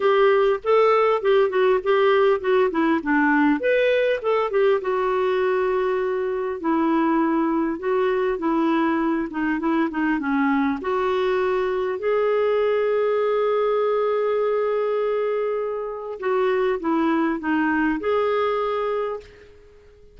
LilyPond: \new Staff \with { instrumentName = "clarinet" } { \time 4/4 \tempo 4 = 100 g'4 a'4 g'8 fis'8 g'4 | fis'8 e'8 d'4 b'4 a'8 g'8 | fis'2. e'4~ | e'4 fis'4 e'4. dis'8 |
e'8 dis'8 cis'4 fis'2 | gis'1~ | gis'2. fis'4 | e'4 dis'4 gis'2 | }